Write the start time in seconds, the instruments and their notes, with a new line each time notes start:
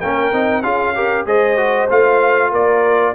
0.00 tuba A#3, trombone C#4, horn A#4, trumpet G5
0.32 tuba C4, trombone D#4
0.62 tuba C#4, trombone F4, horn G#4, trumpet F5
0.95 trombone G4, horn A#4
1.26 tuba G#3, trombone G#4, horn C5, trumpet D#5
1.57 trombone F#4
1.90 tuba A3, trombone F4, trumpet F5
2.51 tuba A#3, horn A#4, trumpet D5